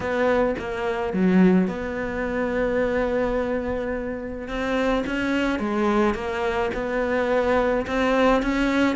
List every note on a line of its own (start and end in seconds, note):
0.00 0.55 B3
0.58 1.13 A#3
1.13 1.67 F#3
1.67 4.47 B3
4.47 5.03 C4
5.06 5.59 C#4
5.59 6.14 G#3
6.14 6.70 A#3
6.73 7.86 B3
7.86 8.42 C4
8.42 8.96 C#4